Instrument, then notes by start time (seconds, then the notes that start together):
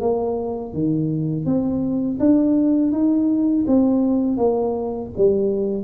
tuba
0.00 A#3
0.73 D#3
1.45 C4
2.19 D4
2.92 D#4
3.67 C4
4.37 A#3
5.17 G3